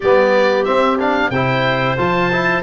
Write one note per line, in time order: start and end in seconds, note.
0.00 0.67 G3
0.00 0.65 B3
0.00 1.31 G4
0.00 0.64 D5
0.64 0.98 C4
0.64 1.30 C4
0.64 0.97 E5
0.99 1.32 D4
0.99 1.30 F5
1.30 1.95 C3
1.30 1.97 E4
1.30 2.62 C5
1.30 1.96 G5
1.97 2.62 F3
1.97 2.30 F4
1.97 2.62 A5
2.32 2.62 E4